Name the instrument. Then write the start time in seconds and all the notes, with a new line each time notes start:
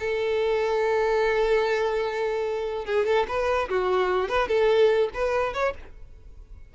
violin
0.00 A4
2.86 G#4
3.06 A4
3.28 B4
3.69 F#4
4.29 B4
4.48 A4
5.14 B4
5.54 C#5